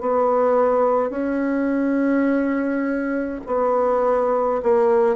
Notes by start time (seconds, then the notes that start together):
0.00 B3
1.10 C#4
3.46 B3
4.63 A#3